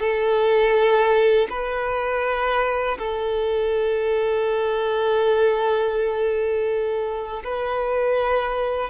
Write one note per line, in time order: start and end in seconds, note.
0.00 1.48 A4
1.50 2.98 B4
2.99 7.43 A4
7.44 8.90 B4